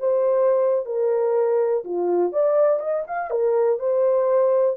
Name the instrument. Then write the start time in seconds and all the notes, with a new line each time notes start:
horn
0.00 C5
0.86 A#4
1.85 F4
2.33 D5
2.80 D#5
3.07 F5
3.30 A#4
3.80 C5